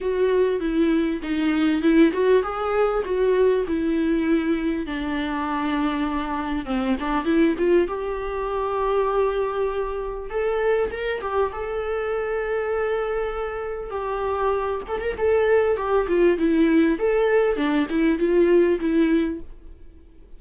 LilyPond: \new Staff \with { instrumentName = "viola" } { \time 4/4 \tempo 4 = 99 fis'4 e'4 dis'4 e'8 fis'8 | gis'4 fis'4 e'2 | d'2. c'8 d'8 | e'8 f'8 g'2.~ |
g'4 a'4 ais'8 g'8 a'4~ | a'2. g'4~ | g'8 a'16 ais'16 a'4 g'8 f'8 e'4 | a'4 d'8 e'8 f'4 e'4 | }